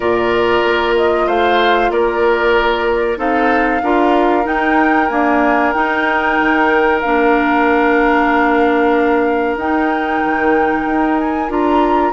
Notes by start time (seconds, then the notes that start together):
0.00 A#2 F4 A#4 D5
0.63 A#3
0.96 D#5
1.26 A3 C5 F5
1.90 A#3 A#4 D5
3.17 C4 D#4 A4 F5
3.82 D4 F4 A#4
4.43 D#4 G5
5.08 A#3 D4 G#5
5.72 D#4 G5
6.39 D#3
7.01 A#3 D4 F5
9.56 D#4 G5
10.24 D#3
10.85 D#4
11.18 G#5
11.49 D4 F4 A#5